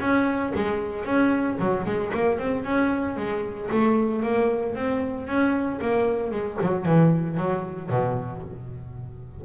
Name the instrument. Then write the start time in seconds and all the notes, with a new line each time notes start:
double bass
0.00 C#4
0.55 G#3
1.05 C#4
1.59 F#3
1.85 G#3
2.14 A#3
2.39 C4
2.64 C#4
3.17 G#3
3.71 A3
4.22 A#3
4.75 C4
5.27 C#4
5.81 A#3
6.31 G#3
6.61 F#3
6.85 E3
7.37 F#3
7.89 B2